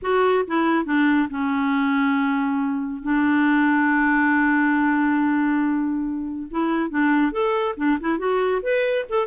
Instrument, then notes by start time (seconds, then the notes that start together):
clarinet
0.02 F#4
0.47 E4
0.85 D4
1.30 C#4
3.02 D4
6.51 E4
6.89 D4
7.32 A4
7.77 D4
8.00 E4
8.18 F#4
8.62 B4
9.09 A4